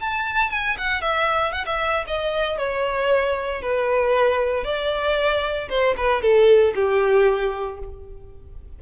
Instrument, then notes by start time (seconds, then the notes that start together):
violin
0.00 A5
0.51 G#5
0.78 F#5
1.01 E5
1.52 F#5
1.66 E5
2.07 D#5
2.58 C#5
3.62 B4
4.64 D5
5.69 C5
5.97 B4
6.22 A4
6.75 G4